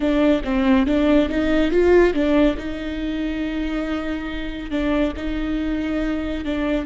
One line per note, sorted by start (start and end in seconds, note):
0.00 0.41 D4
0.44 0.86 C4
0.86 1.29 D4
1.29 1.71 D#4
1.71 2.13 F4
2.13 2.56 D4
2.57 4.70 D#4
4.70 5.13 D4
5.16 6.44 D#4
6.44 6.85 D4